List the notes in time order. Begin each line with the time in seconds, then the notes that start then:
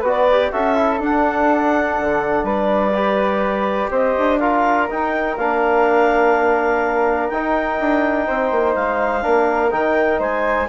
0.00 B3 F#4 B4
0.07 D5
0.31 G4
0.51 C#4 F#4 A4 E5
0.76 E4
0.99 D4 F#5
2.00 D3
2.43 G3 B4 D5
2.94 G4
3.90 C4 C5 D#5
4.18 D4
4.39 F4 A#4 F5
4.89 D#4 G5
5.37 A#3 D4 F5
7.28 D#4 G5
7.79 D4
8.26 C4 C5
8.51 A#3
8.74 G#3 F5
9.21 A#3 D4 A#4
9.71 D#3 D#4 G5
10.18 G#3 C5 G#5